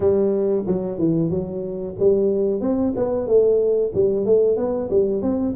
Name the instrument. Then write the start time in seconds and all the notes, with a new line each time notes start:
tuba
0.00 G3
0.66 F#3
0.98 E3
1.30 F#3
1.99 G3
2.61 C4
2.96 B3
3.26 A3
3.94 G3
4.25 A3
4.57 B3
4.90 G3
5.22 C4